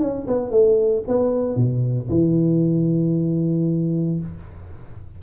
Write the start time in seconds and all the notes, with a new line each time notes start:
0.00 C#4
0.28 B3
0.51 A3
1.08 B3
1.56 B2
2.09 E3